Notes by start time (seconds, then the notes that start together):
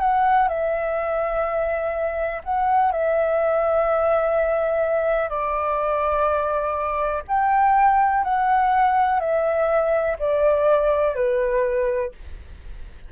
0.00 F#5
0.49 E5
2.44 F#5
2.92 E5
5.30 D5
7.28 G5
8.24 F#5
9.20 E5
10.20 D5
11.16 B4